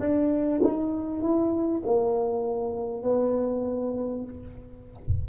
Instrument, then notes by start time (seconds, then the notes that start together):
tuba
0.00 D4
0.63 D#4
1.21 E4
1.86 A#3
3.03 B3